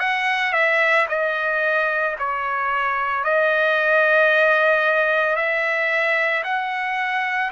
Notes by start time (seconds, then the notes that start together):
0.00 F#5
0.53 E5
1.09 D#5
2.19 C#5
3.24 D#5
5.36 E5
6.44 F#5